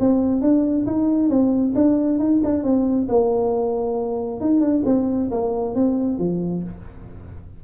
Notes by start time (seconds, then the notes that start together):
0.00 C4
0.41 D4
0.86 D#4
1.29 C4
1.75 D4
2.19 D#4
2.44 D4
2.63 C4
3.09 A#3
4.41 D#4
4.61 D4
4.86 C4
5.31 A#3
5.75 C4
6.19 F3